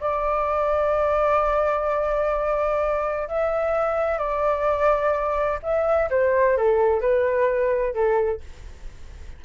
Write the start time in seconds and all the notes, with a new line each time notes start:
0.00 D5
3.28 E5
4.18 D5
5.62 E5
6.10 C5
6.57 A4
7.01 B4
7.94 A4